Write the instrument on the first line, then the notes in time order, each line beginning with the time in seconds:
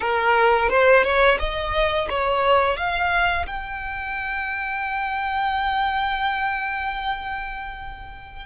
violin
0.00 A#4
0.69 C5
1.03 C#5
1.39 D#5
2.09 C#5
2.76 F5
3.46 G5